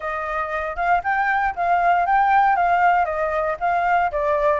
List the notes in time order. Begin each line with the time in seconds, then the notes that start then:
0.00 D#5
0.76 F5
1.03 G5
1.55 F5
2.05 G5
2.56 F5
3.05 D#5
3.59 F5
4.11 D5